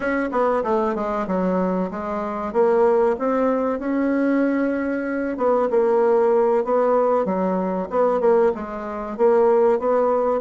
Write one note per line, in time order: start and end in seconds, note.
0.00 0.29 C#4
0.31 0.63 B3
0.63 0.95 A3
0.95 1.26 G#3
1.27 1.90 F#3
1.90 2.53 G#3
2.53 3.16 A#3
3.18 3.79 C4
3.79 5.37 C#4
5.37 5.68 B3
5.70 6.64 A#3
6.64 7.25 B3
7.25 7.88 F#3
7.89 8.20 B3
8.20 8.51 A#3
8.54 9.17 G#3
9.17 9.79 A#3
9.79 10.40 B3